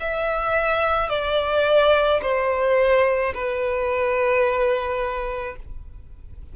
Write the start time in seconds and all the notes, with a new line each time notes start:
0.00 E5
1.10 D5
2.22 C5
3.34 B4